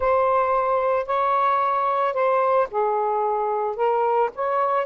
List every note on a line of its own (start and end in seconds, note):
0.00 1.05 C5
1.05 2.13 C#5
2.13 2.67 C5
2.71 3.76 G#4
3.76 4.30 A#4
4.35 4.86 C#5